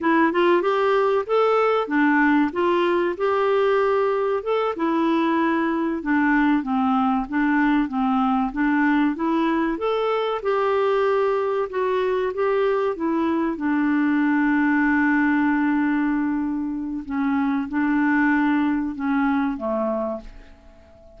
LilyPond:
\new Staff \with { instrumentName = "clarinet" } { \time 4/4 \tempo 4 = 95 e'8 f'8 g'4 a'4 d'4 | f'4 g'2 a'8 e'8~ | e'4. d'4 c'4 d'8~ | d'8 c'4 d'4 e'4 a'8~ |
a'8 g'2 fis'4 g'8~ | g'8 e'4 d'2~ d'8~ | d'2. cis'4 | d'2 cis'4 a4 | }